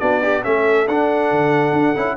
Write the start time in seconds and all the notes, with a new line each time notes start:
0.00 B3 D4 F#4 D5
0.22 D4 G4
0.43 A3 C#4 A4 E5
0.88 D4 F#5
1.32 D3
1.73 D4
1.96 C#4 E4